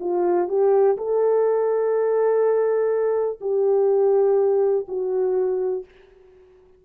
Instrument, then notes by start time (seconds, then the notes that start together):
horn
0.00 F4
0.48 G4
0.97 A4
3.40 G4
4.88 F#4